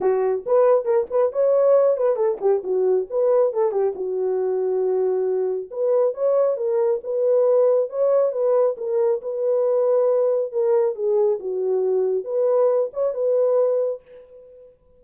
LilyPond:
\new Staff \with { instrumentName = "horn" } { \time 4/4 \tempo 4 = 137 fis'4 b'4 ais'8 b'8 cis''4~ | cis''8 b'8 a'8 g'8 fis'4 b'4 | a'8 g'8 fis'2.~ | fis'4 b'4 cis''4 ais'4 |
b'2 cis''4 b'4 | ais'4 b'2. | ais'4 gis'4 fis'2 | b'4. cis''8 b'2 | }